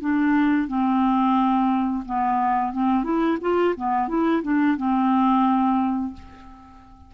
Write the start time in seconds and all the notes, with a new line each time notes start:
0.00 D4
0.68 C4
2.05 B3
2.73 C4
3.04 E4
3.41 F4
3.76 B3
4.08 E4
4.43 D4
4.77 C4